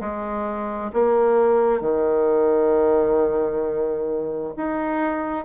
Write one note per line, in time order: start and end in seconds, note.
0.00 0.91 G#3
0.93 1.81 A#3
1.81 4.53 D#3
4.57 5.45 D#4